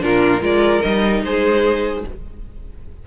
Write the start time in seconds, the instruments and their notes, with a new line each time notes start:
0.00 cello A#2, viola D4, violin F4 A#4
0.40 cello G#3, viola F4, violin A#4 D5
0.82 cello G3, viola D#4, violin D#5
1.23 cello G#3, violin G#4 C5